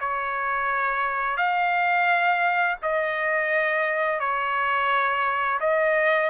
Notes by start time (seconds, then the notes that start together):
0.00 C#5
1.37 F5
2.82 D#5
4.20 C#5
5.60 D#5